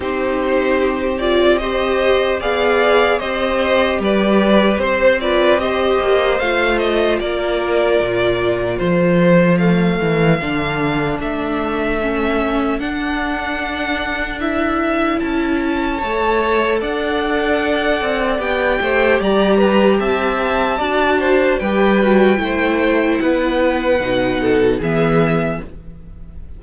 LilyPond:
<<
  \new Staff \with { instrumentName = "violin" } { \time 4/4 \tempo 4 = 75 c''4. d''8 dis''4 f''4 | dis''4 d''4 c''8 d''8 dis''4 | f''8 dis''8 d''2 c''4 | f''2 e''2 |
fis''2 e''4 a''4~ | a''4 fis''2 g''4 | ais''4 a''2 g''4~ | g''4 fis''2 e''4 | }
  \new Staff \with { instrumentName = "violin" } { \time 4/4 g'2 c''4 d''4 | c''4 b'4 c''8 b'8 c''4~ | c''4 ais'2 a'4~ | a'1~ |
a'1 | cis''4 d''2~ d''8 c''8 | d''8 b'8 e''4 d''8 c''8 b'4 | c''4 b'4. a'8 gis'4 | }
  \new Staff \with { instrumentName = "viola" } { \time 4/4 dis'4. f'8 g'4 gis'4 | g'2~ g'8 f'8 g'4 | f'1 | a4 d'2 cis'4 |
d'2 e'2 | a'2. g'4~ | g'2 fis'4 g'8 fis'8 | e'2 dis'4 b4 | }
  \new Staff \with { instrumentName = "cello" } { \time 4/4 c'2. b4 | c'4 g4 c'4. ais8 | a4 ais4 ais,4 f4~ | f8 e8 d4 a2 |
d'2. cis'4 | a4 d'4. c'8 b8 a8 | g4 c'4 d'4 g4 | a4 b4 b,4 e4 | }
>>